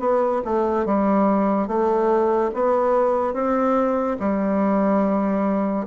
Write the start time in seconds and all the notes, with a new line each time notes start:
0.00 B3
0.45 A3
0.86 G3
1.68 A3
2.54 B3
3.34 C4
4.20 G3